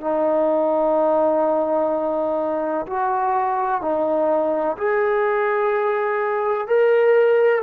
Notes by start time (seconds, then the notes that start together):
0.00 D#4
2.86 F#4
3.81 D#4
4.77 G#4
6.67 A#4